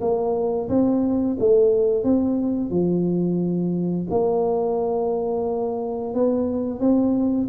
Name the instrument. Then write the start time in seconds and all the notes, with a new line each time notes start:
tuba
0.00 A#3
0.68 C4
1.39 A3
2.03 C4
2.70 F3
4.10 A#3
6.14 B3
6.79 C4